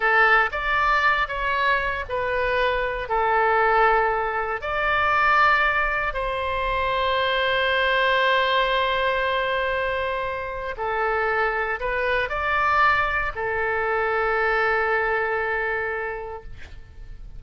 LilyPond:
\new Staff \with { instrumentName = "oboe" } { \time 4/4 \tempo 4 = 117 a'4 d''4. cis''4. | b'2 a'2~ | a'4 d''2. | c''1~ |
c''1~ | c''4 a'2 b'4 | d''2 a'2~ | a'1 | }